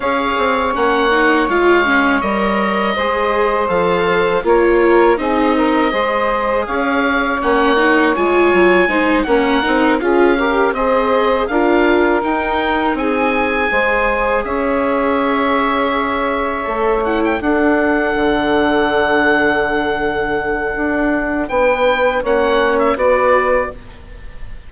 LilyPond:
<<
  \new Staff \with { instrumentName = "oboe" } { \time 4/4 \tempo 4 = 81 f''4 fis''4 f''4 dis''4~ | dis''4 f''4 cis''4 dis''4~ | dis''4 f''4 fis''4 gis''4~ | gis''8 fis''4 f''4 dis''4 f''8~ |
f''8 g''4 gis''2 e''8~ | e''2. fis''16 g''16 fis''8~ | fis''1~ | fis''4 g''4 fis''8. e''16 d''4 | }
  \new Staff \with { instrumentName = "saxophone" } { \time 4/4 cis''1 | c''2 ais'4 gis'8 ais'8 | c''4 cis''2. | c''8 ais'4 gis'8 ais'8 c''4 ais'8~ |
ais'4. gis'4 c''4 cis''8~ | cis''2.~ cis''8 a'8~ | a'1~ | a'4 b'4 cis''4 b'4 | }
  \new Staff \with { instrumentName = "viola" } { \time 4/4 gis'4 cis'8 dis'8 f'8 cis'8 ais'4 | gis'4 a'4 f'4 dis'4 | gis'2 cis'8 dis'8 f'4 | dis'8 cis'8 dis'8 f'8 g'8 gis'4 f'8~ |
f'8 dis'2 gis'4.~ | gis'2~ gis'8 a'8 e'8 d'8~ | d'1~ | d'2 cis'4 fis'4 | }
  \new Staff \with { instrumentName = "bassoon" } { \time 4/4 cis'8 c'8 ais4 gis4 g4 | gis4 f4 ais4 c'4 | gis4 cis'4 ais4 gis8 fis8 | gis8 ais8 c'8 cis'4 c'4 d'8~ |
d'8 dis'4 c'4 gis4 cis'8~ | cis'2~ cis'8 a4 d'8~ | d'8 d2.~ d8 | d'4 b4 ais4 b4 | }
>>